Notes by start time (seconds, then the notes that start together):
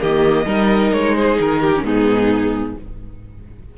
0.00 D#3 A#3 G4 D#5
0.46 G3 D#4 A#4
0.93 G#3 C#5
1.15 G#4 C5
1.40 D#3 A#4
1.61 G4
1.76 G#2 C#4
1.85 B3 D#4 G#4